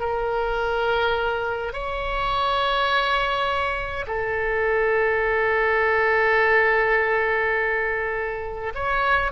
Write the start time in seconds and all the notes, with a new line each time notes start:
0.00 A#4
1.73 C#5
4.08 A4
8.75 C#5